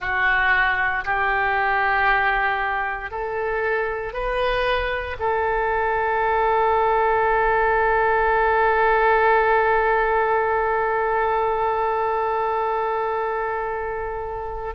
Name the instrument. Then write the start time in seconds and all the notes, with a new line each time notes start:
oboe
0.00 F#4
1.04 G4
3.10 A4
4.13 B4
5.19 A4